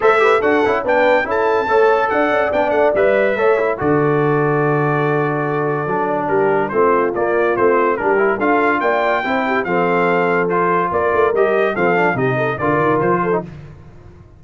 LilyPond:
<<
  \new Staff \with { instrumentName = "trumpet" } { \time 4/4 \tempo 4 = 143 e''4 fis''4 g''4 a''4~ | a''4 fis''4 g''8 fis''8 e''4~ | e''4 d''2.~ | d''2. ais'4 |
c''4 d''4 c''4 ais'4 | f''4 g''2 f''4~ | f''4 c''4 d''4 dis''4 | f''4 dis''4 d''4 c''4 | }
  \new Staff \with { instrumentName = "horn" } { \time 4/4 c''8 b'8 a'4 b'4 a'4 | cis''4 d''2. | cis''4 a'2.~ | a'2. g'4 |
f'2. g'4 | a'4 d''4 c''8 g'8 a'4~ | a'2 ais'2 | a'4 g'8 a'8 ais'4. a'8 | }
  \new Staff \with { instrumentName = "trombone" } { \time 4/4 a'8 g'8 fis'8 e'8 d'4 e'4 | a'2 d'4 b'4 | a'8 e'8 fis'2.~ | fis'2 d'2 |
c'4 ais4 c'4 d'8 e'8 | f'2 e'4 c'4~ | c'4 f'2 g'4 | c'8 d'8 dis'4 f'4.~ f'16 dis'16 | }
  \new Staff \with { instrumentName = "tuba" } { \time 4/4 a4 d'8 cis'8 b4 cis'4 | a4 d'8 cis'8 b8 a8 g4 | a4 d2.~ | d2 fis4 g4 |
a4 ais4 a4 g4 | d'4 ais4 c'4 f4~ | f2 ais8 a8 g4 | f4 c4 d8 dis8 f4 | }
>>